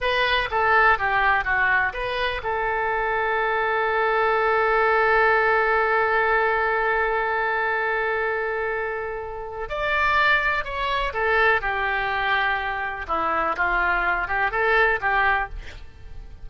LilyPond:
\new Staff \with { instrumentName = "oboe" } { \time 4/4 \tempo 4 = 124 b'4 a'4 g'4 fis'4 | b'4 a'2.~ | a'1~ | a'1~ |
a'1 | d''2 cis''4 a'4 | g'2. e'4 | f'4. g'8 a'4 g'4 | }